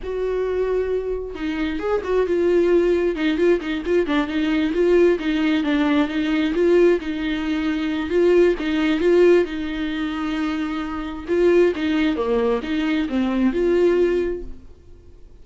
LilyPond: \new Staff \with { instrumentName = "viola" } { \time 4/4 \tempo 4 = 133 fis'2. dis'4 | gis'8 fis'8 f'2 dis'8 f'8 | dis'8 f'8 d'8 dis'4 f'4 dis'8~ | dis'8 d'4 dis'4 f'4 dis'8~ |
dis'2 f'4 dis'4 | f'4 dis'2.~ | dis'4 f'4 dis'4 ais4 | dis'4 c'4 f'2 | }